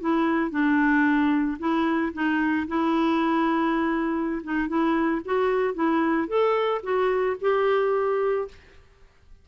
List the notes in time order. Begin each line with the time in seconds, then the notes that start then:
0.00 E4
0.50 D4
1.59 E4
2.13 D#4
2.68 E4
4.43 D#4
4.68 E4
5.25 F#4
5.74 E4
6.28 A4
6.83 F#4
7.41 G4